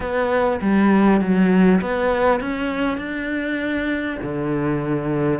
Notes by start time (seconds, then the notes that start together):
0.00 B3
0.61 G3
1.20 F#3
1.81 B3
2.40 C#4
2.97 D4
4.22 D3